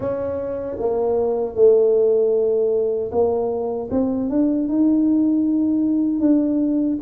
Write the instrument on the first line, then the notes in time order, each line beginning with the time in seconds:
tuba
0.00 C#4
0.79 A#3
1.55 A3
3.11 A#3
3.90 C4
4.29 D4
4.68 D#4
6.20 D4